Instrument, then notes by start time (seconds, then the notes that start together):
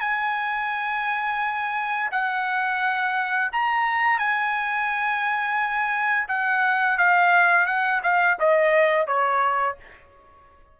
trumpet
0.00 G#5
2.12 F#5
3.52 A#5
4.19 G#5
6.28 F#5
6.98 F5
7.66 F#5
8.03 F5
8.39 D#5
9.07 C#5